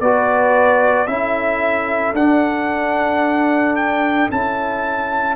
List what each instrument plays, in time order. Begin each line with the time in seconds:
0.00 tuba B3, trombone F#4, horn B4, trumpet D5
1.07 tuba C#4, trombone E4, horn A4, trumpet E5
2.13 tuba D4, trombone D4, trumpet F#5
3.76 trumpet G5
4.31 tuba C#4, trombone E4, trumpet A5